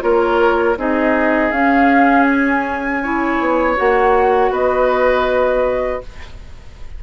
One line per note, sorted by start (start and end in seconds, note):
0.00 0.76 A#3
0.00 0.75 F4
0.00 0.78 A#4
0.00 0.76 C#5
0.76 1.51 C4
0.76 1.52 D#4
0.76 3.02 G#4
0.76 1.51 D#5
1.51 3.38 C#4
1.51 3.03 C#4
1.51 2.23 F5
2.23 3.73 G#5
3.02 3.76 E4
3.02 4.51 C#5
3.39 3.77 B3
3.76 4.50 A#3
3.76 6.01 F#4
3.76 4.53 F#5
4.50 6.00 B3
4.50 6.01 B4
4.50 6.03 D#5